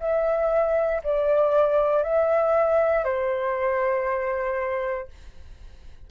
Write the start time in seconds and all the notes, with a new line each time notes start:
0.00 E5
1.04 D5
2.03 E5
3.04 C5